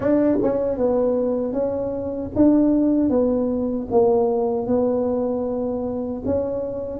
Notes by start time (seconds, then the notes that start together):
0.00 D4
0.42 C#4
0.77 B3
1.53 C#4
2.35 D4
3.09 B3
3.91 A#3
4.66 B3
6.25 C#4